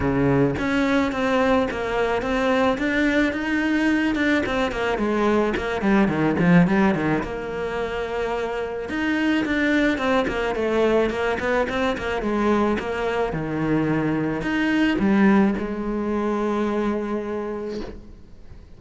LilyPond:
\new Staff \with { instrumentName = "cello" } { \time 4/4 \tempo 4 = 108 cis4 cis'4 c'4 ais4 | c'4 d'4 dis'4. d'8 | c'8 ais8 gis4 ais8 g8 dis8 f8 | g8 dis8 ais2. |
dis'4 d'4 c'8 ais8 a4 | ais8 b8 c'8 ais8 gis4 ais4 | dis2 dis'4 g4 | gis1 | }